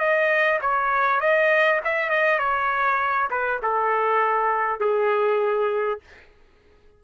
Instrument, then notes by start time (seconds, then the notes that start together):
trumpet
0.00 D#5
0.62 C#5
1.21 D#5
1.85 E5
2.10 D#5
2.39 C#5
3.31 B4
3.63 A4
4.81 G#4